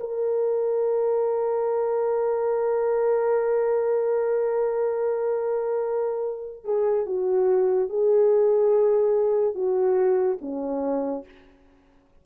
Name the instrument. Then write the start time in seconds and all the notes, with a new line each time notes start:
horn
0.00 A#4
6.64 G#4
7.06 F#4
7.89 G#4
9.55 F#4
10.41 C#4